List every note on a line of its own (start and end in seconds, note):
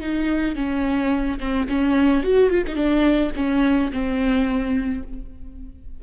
0.00 0.56 D#4
0.56 1.39 C#4
1.40 1.67 C4
1.69 2.23 C#4
2.23 2.50 F#4
2.50 2.64 F4
2.67 2.76 D#4
2.76 3.31 D4
3.36 3.91 C#4
3.92 5.03 C4